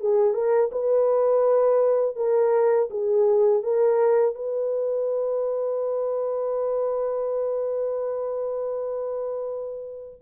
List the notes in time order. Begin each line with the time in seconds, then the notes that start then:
0.00 G#4
0.34 A#4
0.72 B4
2.16 A#4
2.90 G#4
3.63 A#4
4.35 B4